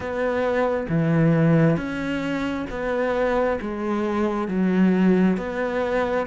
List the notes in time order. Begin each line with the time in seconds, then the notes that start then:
0.00 B3
0.88 E3
1.77 C#4
2.69 B3
3.61 G#3
4.48 F#3
5.37 B3